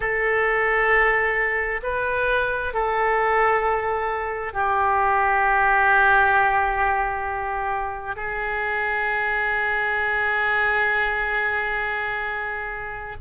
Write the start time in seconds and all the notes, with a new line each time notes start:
0.00 A4
1.83 B4
2.73 A4
4.52 G4
8.16 G#4